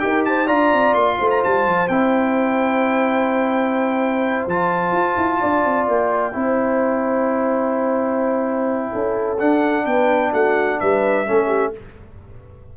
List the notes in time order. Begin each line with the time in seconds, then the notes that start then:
0.00 D#4 G4 A#4 G5
0.26 C5 A5
0.47 D4 F4 D5 A#5
0.74 C4
0.94 A#3 C6
1.19 A3 C5
1.31 A#5
1.44 G3 A5
1.66 F3
1.89 C4 E4 G5
4.47 F3 F4 A5
4.93 F4
5.18 E4
5.41 D4 D5
5.65 C4
5.88 A#3 G5
6.33 C4 E4 C5
8.93 C#4 A4
9.39 D4 F#5
9.86 B3 B4 G5
10.33 A3 F#4 F#5
10.80 G3 B4 E5
11.27 A3 C#4 A4
11.48 G4